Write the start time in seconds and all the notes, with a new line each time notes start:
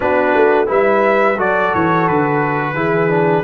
0.00 B3 D4 F#4 B4
0.34 A3
0.66 G3 E4 B4 E5
1.35 F#3 F#4 A4 D5
1.74 E3 C#5
2.07 D3 B4
2.74 E3 E4 G#4
3.09 D4